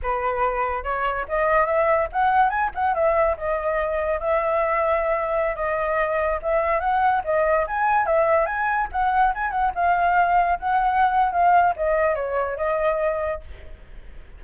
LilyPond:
\new Staff \with { instrumentName = "flute" } { \time 4/4 \tempo 4 = 143 b'2 cis''4 dis''4 | e''4 fis''4 gis''8 fis''8 e''4 | dis''2 e''2~ | e''4~ e''16 dis''2 e''8.~ |
e''16 fis''4 dis''4 gis''4 e''8.~ | e''16 gis''4 fis''4 gis''8 fis''8 f''8.~ | f''4~ f''16 fis''4.~ fis''16 f''4 | dis''4 cis''4 dis''2 | }